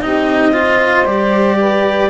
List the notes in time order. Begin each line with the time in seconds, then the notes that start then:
0.00 C4 D#4 G4 D#5
0.51 F4 C5
1.04 G3 G4 D5
1.59 B4